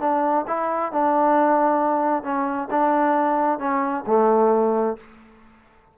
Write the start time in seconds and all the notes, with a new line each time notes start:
0.00 D4
0.47 E4
0.92 D4
2.23 C#4
2.70 D4
3.59 C#4
4.06 A3